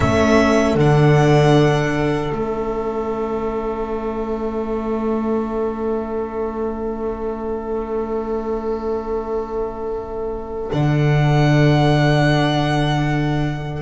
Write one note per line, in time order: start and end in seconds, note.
0.00 0.74 A3
0.00 0.78 C#4
0.00 13.81 A4
0.00 0.75 E5
0.74 2.30 D3
0.74 2.34 D4
0.74 2.33 F#5
2.31 10.69 A3
2.31 10.72 C#4
2.31 10.71 E5
10.72 13.81 D3
10.72 13.81 D4
10.72 13.81 F#5